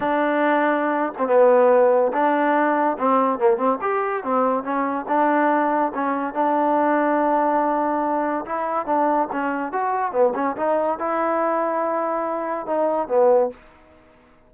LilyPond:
\new Staff \with { instrumentName = "trombone" } { \time 4/4 \tempo 4 = 142 d'2~ d'8. c'16 b4~ | b4 d'2 c'4 | ais8 c'8 g'4 c'4 cis'4 | d'2 cis'4 d'4~ |
d'1 | e'4 d'4 cis'4 fis'4 | b8 cis'8 dis'4 e'2~ | e'2 dis'4 b4 | }